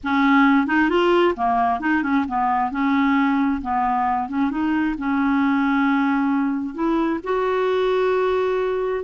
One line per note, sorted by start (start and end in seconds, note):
0.03 0.66 C#4
0.66 0.89 D#4
0.89 1.34 F4
1.36 1.80 A#3
1.80 2.02 D#4
2.02 2.25 C#4
2.28 2.71 B3
2.71 3.61 C#4
3.61 4.29 B3
4.29 4.50 C#4
4.50 4.95 D#4
4.98 6.74 C#4
6.74 7.19 E4
7.23 9.03 F#4